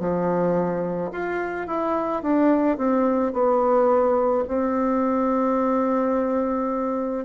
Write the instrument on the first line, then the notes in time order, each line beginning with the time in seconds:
bassoon
0.00 F3
1.12 F4
1.67 E4
2.23 D4
2.77 C4
3.33 B3
4.48 C4